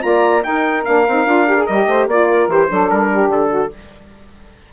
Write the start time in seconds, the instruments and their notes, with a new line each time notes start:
0.00 bassoon A#3, saxophone F4 D5, trumpet A#5
0.43 saxophone D#4 A#4, bassoon D#4, trumpet G5
0.85 bassoon A#3, saxophone D4, trumpet F5
1.08 bassoon C4, saxophone D#4
1.26 bassoon D4, saxophone F4
1.48 saxophone G4
1.58 saxophone G#4
1.67 bassoon G3, saxophone G4, trumpet D#5
1.87 bassoon A3, saxophone C5
2.07 bassoon A#3, saxophone F4 D5, trumpet D5
2.28 saxophone A#4
2.48 bassoon E3, saxophone G4, trumpet C5
2.68 bassoon F#3, saxophone D4 A4
2.91 bassoon G3, trumpet A#4
3.12 saxophone G4
3.28 bassoon D3, trumpet A4
3.50 saxophone F#4